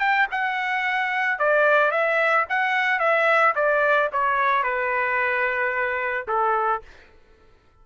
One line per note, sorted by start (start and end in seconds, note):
0.00 0.27 G5
0.31 1.39 F#5
1.39 1.92 D5
1.92 2.46 E5
2.49 3.00 F#5
3.00 3.54 E5
3.56 4.10 D5
4.13 4.63 C#5
4.63 6.27 B4
6.28 6.83 A4